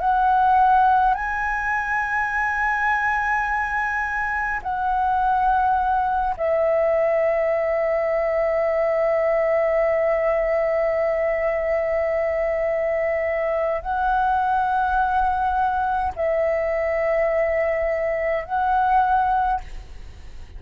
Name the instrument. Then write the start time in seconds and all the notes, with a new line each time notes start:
flute
0.00 F#5
1.14 G#5
4.62 F#5
6.37 E5
13.81 F#5
16.15 E5
18.45 F#5